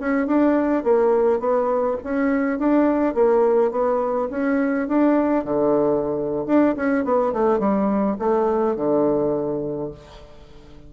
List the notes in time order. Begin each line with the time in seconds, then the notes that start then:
0.00 C#4
0.27 D4
0.84 A#3
1.40 B3
2.03 C#4
2.59 D4
3.14 A#3
3.71 B3
4.30 C#4
4.87 D4
5.44 D3
6.46 D4
6.76 C#4
7.04 B3
7.33 A3
7.59 G3
8.18 A3
8.76 D3